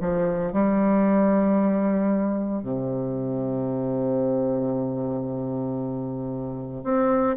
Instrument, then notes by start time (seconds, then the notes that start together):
bassoon
0.00 F3
0.52 G3
2.62 C3
6.83 C4